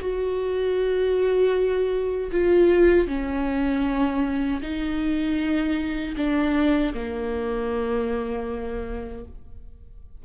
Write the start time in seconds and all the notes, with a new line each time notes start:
0.00 F#4
2.31 F4
3.07 C#4
4.62 D#4
6.16 D4
6.94 A#3